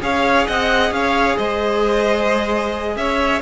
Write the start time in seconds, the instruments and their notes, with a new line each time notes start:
0.00 cello C#4, viola G#4, violin C#5 F5
0.46 cello C4, violin D#5 F#5
0.90 cello C#4, violin C#5 F5
1.36 cello G#3, violin C5 D#5
2.96 cello C#4, violin C#5 E5